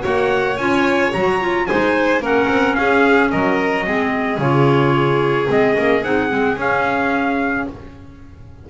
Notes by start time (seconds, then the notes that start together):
0.00 A#3 F#4 C#5
0.06 F#5
0.57 C#4 F4 G#5
1.13 F#3 F#4 A#5
1.40 F4
1.66 G#3 D#4 C5 G#5
2.20 A#3 C#4 A#4 F#5
2.49 C4
2.74 C#4 G#4 F5
3.31 F#3 A#4 D#5
3.85 G#3 C4 G#4
4.38 C#3 F4 C#5
5.47 G#3 C4 D#5
5.74 A#3 C#4
6.03 C4 D#4 F#5
6.29 G#3 C4
6.57 C#4 F5